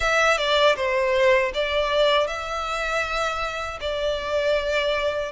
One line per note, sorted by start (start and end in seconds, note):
0.00 0.37 E5
0.37 0.75 D5
0.76 1.52 C5
1.54 2.27 D5
2.27 3.79 E5
3.80 5.32 D5